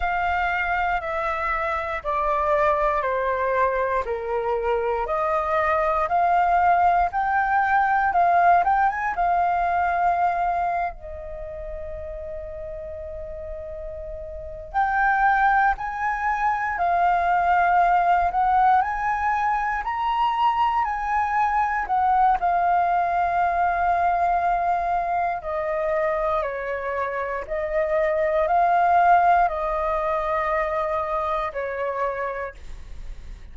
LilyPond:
\new Staff \with { instrumentName = "flute" } { \time 4/4 \tempo 4 = 59 f''4 e''4 d''4 c''4 | ais'4 dis''4 f''4 g''4 | f''8 g''16 gis''16 f''4.~ f''16 dis''4~ dis''16~ | dis''2~ dis''8 g''4 gis''8~ |
gis''8 f''4. fis''8 gis''4 ais''8~ | ais''8 gis''4 fis''8 f''2~ | f''4 dis''4 cis''4 dis''4 | f''4 dis''2 cis''4 | }